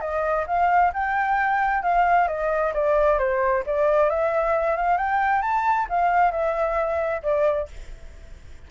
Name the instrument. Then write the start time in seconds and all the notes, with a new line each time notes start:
flute
0.00 D#5
0.47 F5
0.94 G5
1.83 F5
2.28 D#5
2.74 D5
3.18 C5
3.66 D5
4.10 E5
4.77 F5
4.97 G5
5.42 A5
5.89 F5
6.31 E5
7.23 D5